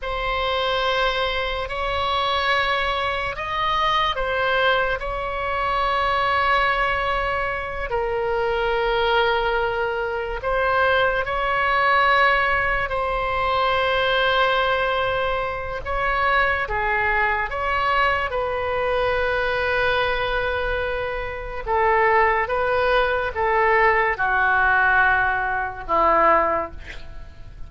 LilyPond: \new Staff \with { instrumentName = "oboe" } { \time 4/4 \tempo 4 = 72 c''2 cis''2 | dis''4 c''4 cis''2~ | cis''4. ais'2~ ais'8~ | ais'8 c''4 cis''2 c''8~ |
c''2. cis''4 | gis'4 cis''4 b'2~ | b'2 a'4 b'4 | a'4 fis'2 e'4 | }